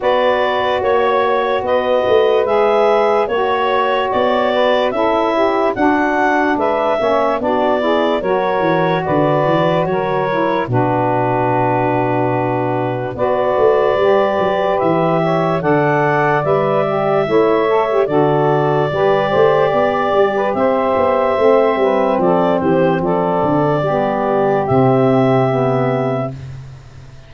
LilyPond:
<<
  \new Staff \with { instrumentName = "clarinet" } { \time 4/4 \tempo 4 = 73 d''4 cis''4 dis''4 e''4 | cis''4 d''4 e''4 fis''4 | e''4 d''4 cis''4 d''4 | cis''4 b'2. |
d''2 e''4 fis''4 | e''2 d''2~ | d''4 e''2 d''8 c''8 | d''2 e''2 | }
  \new Staff \with { instrumentName = "saxophone" } { \time 4/4 b'4 cis''4 b'2 | cis''4. b'8 a'8 g'8 fis'4 | b'8 cis''8 fis'8 gis'8 ais'4 b'4 | ais'4 fis'2. |
b'2~ b'8 cis''8 d''4~ | d''4 cis''4 a'4 b'8 c''8 | d''8. b'16 c''4. b'8 a'8 g'8 | a'4 g'2. | }
  \new Staff \with { instrumentName = "saxophone" } { \time 4/4 fis'2. gis'4 | fis'2 e'4 d'4~ | d'8 cis'8 d'8 e'8 fis'2~ | fis'8 e'8 d'2. |
fis'4 g'2 a'4 | b'8 g'8 e'8 a'16 g'16 fis'4 g'4~ | g'2 c'2~ | c'4 b4 c'4 b4 | }
  \new Staff \with { instrumentName = "tuba" } { \time 4/4 b4 ais4 b8 a8 gis4 | ais4 b4 cis'4 d'4 | gis8 ais8 b4 fis8 e8 d8 e8 | fis4 b,2. |
b8 a8 g8 fis8 e4 d4 | g4 a4 d4 g8 a8 | b8 g8 c'8 b8 a8 g8 f8 e8 | f8 d8 g4 c2 | }
>>